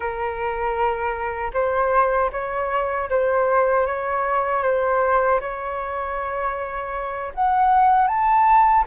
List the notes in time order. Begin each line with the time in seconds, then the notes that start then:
0.00 A#4
1.53 C5
2.32 C#5
3.09 C5
3.86 C#5
4.63 C5
5.40 C#5
7.34 F#5
8.07 A5